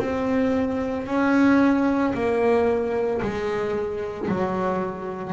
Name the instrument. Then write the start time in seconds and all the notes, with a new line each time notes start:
double bass
0.00 C4
1.07 C#4
2.14 A#3
3.22 G#3
4.29 F#3